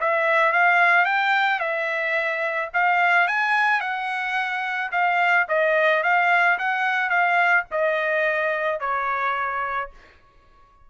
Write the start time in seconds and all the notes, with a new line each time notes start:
0.00 E5
0.52 F5
1.05 G5
1.59 E5
2.73 F5
3.27 G#5
3.80 F#5
4.91 F5
5.48 D#5
6.03 F5
6.58 F#5
7.09 F5
7.71 D#5
8.79 C#5